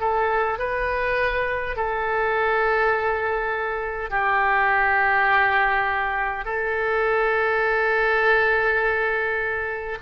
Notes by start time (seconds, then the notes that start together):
0.00 A4
0.59 B4
1.76 A4
4.11 G4
6.45 A4